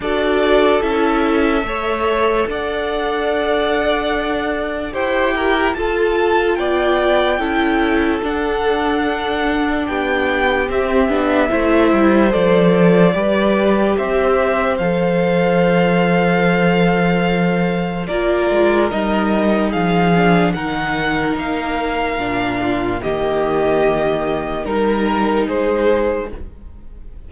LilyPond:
<<
  \new Staff \with { instrumentName = "violin" } { \time 4/4 \tempo 4 = 73 d''4 e''2 fis''4~ | fis''2 g''4 a''4 | g''2 fis''2 | g''4 e''2 d''4~ |
d''4 e''4 f''2~ | f''2 d''4 dis''4 | f''4 fis''4 f''2 | dis''2 ais'4 c''4 | }
  \new Staff \with { instrumentName = "violin" } { \time 4/4 a'2 cis''4 d''4~ | d''2 c''8 ais'8 a'4 | d''4 a'2. | g'2 c''2 |
b'4 c''2.~ | c''2 ais'2 | gis'4 ais'2~ ais'8 f'8 | g'2 ais'4 gis'4 | }
  \new Staff \with { instrumentName = "viola" } { \time 4/4 fis'4 e'4 a'2~ | a'2 g'4 f'4~ | f'4 e'4 d'2~ | d'4 c'8 d'8 e'4 a'4 |
g'2 a'2~ | a'2 f'4 dis'4~ | dis'8 d'8 dis'2 d'4 | ais2 dis'2 | }
  \new Staff \with { instrumentName = "cello" } { \time 4/4 d'4 cis'4 a4 d'4~ | d'2 e'4 f'4 | b4 cis'4 d'2 | b4 c'8 b8 a8 g8 f4 |
g4 c'4 f2~ | f2 ais8 gis8 g4 | f4 dis4 ais4 ais,4 | dis2 g4 gis4 | }
>>